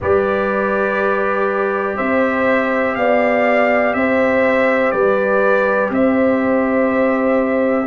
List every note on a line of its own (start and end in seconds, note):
0.00 1.98 G3
0.00 7.87 G4
0.00 1.96 B4
0.00 1.96 D5
1.96 2.96 C4
1.96 2.94 C5
1.96 2.95 E5
2.95 3.94 B3
2.95 3.96 D5
2.95 3.93 F5
3.93 4.92 C4
3.93 4.93 C5
3.93 4.91 E5
4.91 5.90 G3
4.91 5.92 B4
4.91 5.89 D5
5.90 7.86 C4
5.90 7.87 C5
5.90 7.87 E5